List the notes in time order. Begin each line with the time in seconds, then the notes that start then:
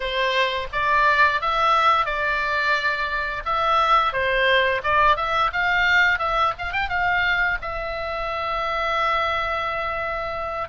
0.00 C5
0.72 D5
1.41 E5
2.05 D5
3.45 E5
4.12 C5
4.83 D5
5.16 E5
5.52 F5
6.18 E5
6.58 F5
6.72 G5
6.89 F5
7.61 E5